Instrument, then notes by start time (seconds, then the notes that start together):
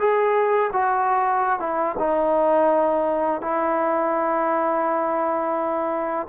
trombone
0.00 G#4
0.73 F#4
1.60 E4
1.99 D#4
3.42 E4